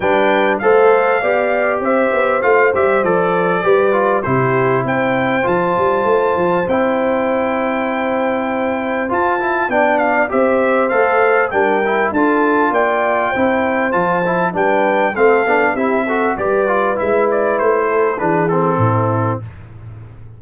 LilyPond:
<<
  \new Staff \with { instrumentName = "trumpet" } { \time 4/4 \tempo 4 = 99 g''4 f''2 e''4 | f''8 e''8 d''2 c''4 | g''4 a''2 g''4~ | g''2. a''4 |
g''8 f''8 e''4 f''4 g''4 | a''4 g''2 a''4 | g''4 f''4 e''4 d''4 | e''8 d''8 c''4 b'8 a'4. | }
  \new Staff \with { instrumentName = "horn" } { \time 4/4 b'4 c''4 d''4 c''4~ | c''2 b'4 g'4 | c''1~ | c''1 |
d''4 c''2 ais'4 | a'4 d''4 c''2 | b'4 a'4 g'8 a'8 b'4~ | b'4. a'8 gis'4 e'4 | }
  \new Staff \with { instrumentName = "trombone" } { \time 4/4 d'4 a'4 g'2 | f'8 g'8 a'4 g'8 f'8 e'4~ | e'4 f'2 e'4~ | e'2. f'8 e'8 |
d'4 g'4 a'4 d'8 e'8 | f'2 e'4 f'8 e'8 | d'4 c'8 d'8 e'8 fis'8 g'8 f'8 | e'2 d'8 c'4. | }
  \new Staff \with { instrumentName = "tuba" } { \time 4/4 g4 a4 b4 c'8 b8 | a8 g8 f4 g4 c4 | c'4 f8 g8 a8 f8 c'4~ | c'2. f'4 |
b4 c'4 a4 g4 | d'4 ais4 c'4 f4 | g4 a8 b8 c'4 g4 | gis4 a4 e4 a,4 | }
>>